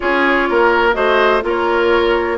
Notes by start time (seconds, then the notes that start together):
0.00 C#4 F4 G#4 C#5
0.49 A#3 A#4
0.92 A3 F#4 C5 D#5
1.41 A#3 F4 A#4
1.47 C#5